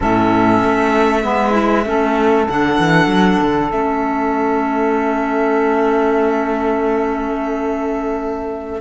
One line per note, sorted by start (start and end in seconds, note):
0.00 0.63 A2
0.00 1.23 C#4
0.00 1.20 A4
0.00 2.47 E5
0.63 1.23 A3
1.23 1.85 G#3
1.23 1.51 B3
1.23 1.85 B4
1.51 1.82 E4
1.85 2.47 A3
1.85 2.47 C#4
1.85 8.80 A4
2.47 2.78 D3
2.47 3.70 D4
2.47 3.71 F#5
2.78 3.06 E3
3.06 3.37 F#3
3.41 3.71 D3
3.70 8.80 A3
3.70 8.80 C#4
3.70 8.80 E5